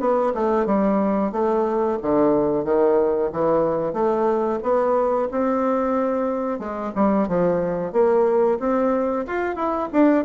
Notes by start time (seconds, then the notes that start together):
0.00 B3
0.34 A3
0.66 G3
1.32 A3
2.02 D3
2.65 D#3
3.33 E3
3.93 A3
4.63 B3
5.31 C4
6.59 G#3
6.95 G3
7.28 F3
7.92 A#3
8.60 C4
9.27 F4
9.56 E4
9.92 D4